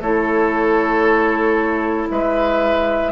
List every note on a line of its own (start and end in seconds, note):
0.00 2.07 A3
0.00 3.12 E4
0.00 2.08 A4
0.00 2.09 C#5
2.10 3.12 G#3
2.10 3.12 B4
2.10 3.12 E5